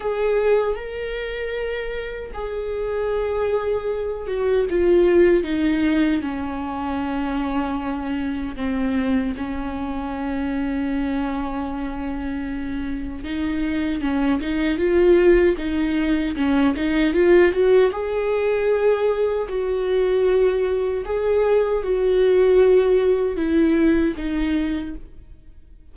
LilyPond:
\new Staff \with { instrumentName = "viola" } { \time 4/4 \tempo 4 = 77 gis'4 ais'2 gis'4~ | gis'4. fis'8 f'4 dis'4 | cis'2. c'4 | cis'1~ |
cis'4 dis'4 cis'8 dis'8 f'4 | dis'4 cis'8 dis'8 f'8 fis'8 gis'4~ | gis'4 fis'2 gis'4 | fis'2 e'4 dis'4 | }